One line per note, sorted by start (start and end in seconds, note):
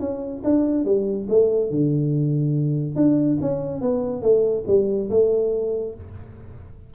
0.00 0.42 C#4
0.45 0.85 D4
0.85 1.28 G3
1.29 1.71 A3
1.71 2.96 D3
2.96 3.38 D4
3.41 3.81 C#4
3.81 4.22 B3
4.22 4.65 A3
4.67 5.10 G3
5.10 5.95 A3